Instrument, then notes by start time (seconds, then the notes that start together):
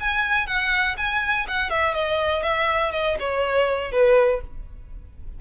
violin
0.00 G#5
0.47 F#5
0.97 G#5
1.48 F#5
1.70 E5
1.94 D#5
2.43 E5
2.92 D#5
3.19 C#5
3.92 B4